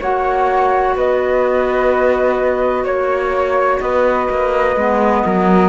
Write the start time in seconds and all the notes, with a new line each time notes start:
0.00 A#3 F#4 C#5 F#5
0.96 B3 B4 D#5
2.84 A#3 C#5
3.81 B3 B4 D#5
4.30 A#3
4.76 G#3 B3
5.25 F#3 A#4